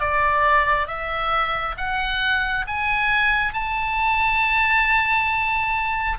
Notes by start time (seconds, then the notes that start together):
0.00 D5
0.87 E5
1.77 F#5
2.67 G#5
3.53 A5